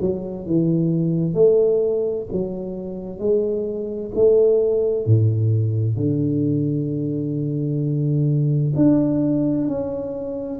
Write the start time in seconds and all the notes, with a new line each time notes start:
0.00 F#3
0.46 E3
1.33 A3
2.32 F#3
3.18 G#3
4.15 A3
5.06 A2
5.96 D3
8.75 D4
9.68 C#4